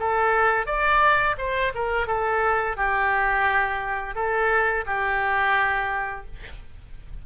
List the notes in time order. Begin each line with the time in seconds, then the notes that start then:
0.00 A4
0.66 D5
1.38 C5
1.75 A#4
2.07 A4
2.77 G4
4.15 A4
4.86 G4